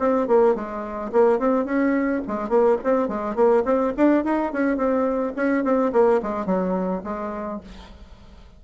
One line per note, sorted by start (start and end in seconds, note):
0.00 0.28 C4
0.28 0.55 A#3
0.55 1.12 G#3
1.12 1.39 A#3
1.39 1.65 C4
1.65 2.22 C#4
2.28 2.49 G#3
2.49 2.78 A#3
2.84 3.08 C4
3.08 3.36 G#3
3.36 3.64 A#3
3.65 3.94 C4
3.98 4.25 D4
4.25 4.53 D#4
4.53 4.77 C#4
4.77 5.34 C4
5.36 5.64 C#4
5.64 5.93 C4
5.93 6.21 A#3
6.23 6.46 G#3
6.46 7.03 F#3
7.04 7.61 G#3